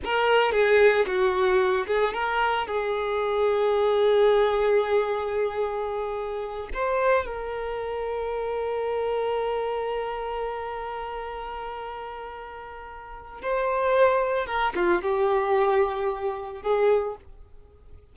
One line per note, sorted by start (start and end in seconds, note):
0.04 0.52 A#4
0.52 1.05 G#4
1.06 1.86 F#4
1.86 2.13 G#4
2.13 2.67 A#4
2.67 6.68 G#4
6.73 7.25 C5
7.25 13.41 A#4
13.42 14.46 C5
14.46 14.73 A#4
14.75 15.02 F4
15.02 16.62 G4
16.62 17.16 G#4